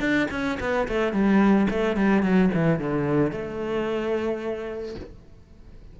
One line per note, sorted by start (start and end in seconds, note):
0.00 0.27 D4
0.31 0.58 C#4
0.60 0.88 B3
0.88 1.13 A3
1.13 1.67 G3
1.70 1.96 A3
1.96 2.23 G3
2.23 2.50 F#3
2.54 2.79 E3
2.79 3.32 D3
3.32 4.95 A3